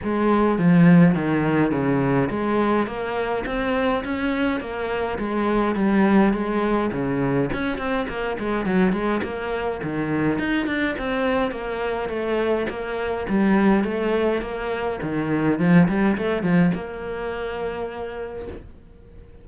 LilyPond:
\new Staff \with { instrumentName = "cello" } { \time 4/4 \tempo 4 = 104 gis4 f4 dis4 cis4 | gis4 ais4 c'4 cis'4 | ais4 gis4 g4 gis4 | cis4 cis'8 c'8 ais8 gis8 fis8 gis8 |
ais4 dis4 dis'8 d'8 c'4 | ais4 a4 ais4 g4 | a4 ais4 dis4 f8 g8 | a8 f8 ais2. | }